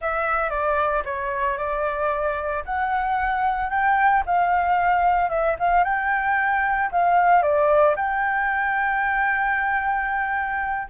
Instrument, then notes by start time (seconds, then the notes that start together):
flute
0.01 E5
0.50 D5
1.04 C#5
1.57 D5
2.65 F#5
3.70 G5
4.26 F5
5.29 E5
5.59 F5
5.84 G5
6.91 F5
7.42 D5
7.96 G5